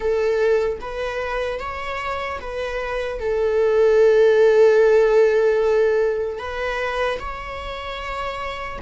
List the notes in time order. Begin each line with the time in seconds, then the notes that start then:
0.00 A4
0.80 B4
1.59 C#5
2.40 B4
3.19 A4
6.38 B4
7.19 C#5